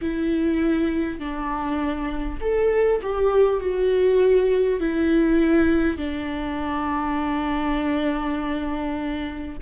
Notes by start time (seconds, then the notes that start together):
0.01 E4
1.19 D4
2.41 A4
3.02 G4
3.60 F#4
4.80 E4
5.97 D4